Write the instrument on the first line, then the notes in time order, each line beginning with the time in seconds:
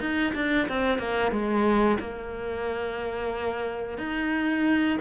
cello
0.00 D#4
0.35 D4
0.68 C4
0.98 A#3
1.32 G#3
2.00 A#3
3.98 D#4